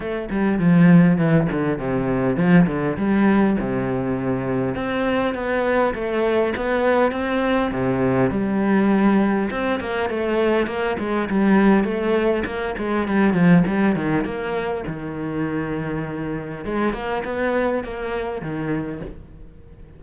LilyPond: \new Staff \with { instrumentName = "cello" } { \time 4/4 \tempo 4 = 101 a8 g8 f4 e8 d8 c4 | f8 d8 g4 c2 | c'4 b4 a4 b4 | c'4 c4 g2 |
c'8 ais8 a4 ais8 gis8 g4 | a4 ais8 gis8 g8 f8 g8 dis8 | ais4 dis2. | gis8 ais8 b4 ais4 dis4 | }